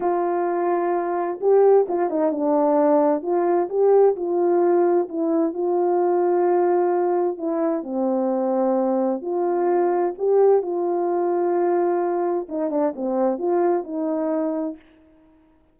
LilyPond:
\new Staff \with { instrumentName = "horn" } { \time 4/4 \tempo 4 = 130 f'2. g'4 | f'8 dis'8 d'2 f'4 | g'4 f'2 e'4 | f'1 |
e'4 c'2. | f'2 g'4 f'4~ | f'2. dis'8 d'8 | c'4 f'4 dis'2 | }